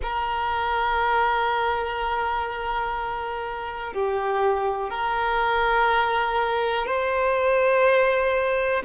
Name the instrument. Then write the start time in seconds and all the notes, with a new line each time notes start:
violin
0.02 A#4
3.93 G4
4.90 A#4
6.86 C5